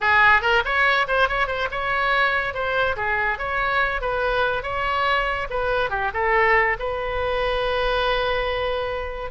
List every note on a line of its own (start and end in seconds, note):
0.00 0.41 G#4
0.41 0.62 A#4
0.64 1.07 C#5
1.07 1.28 C5
1.28 1.47 C#5
1.47 1.68 C5
1.71 2.54 C#5
2.54 2.96 C5
2.96 3.38 G#4
3.38 4.01 C#5
4.01 4.63 B4
4.63 5.47 C#5
5.49 5.90 B4
5.90 6.11 G4
6.13 6.76 A4
6.79 9.30 B4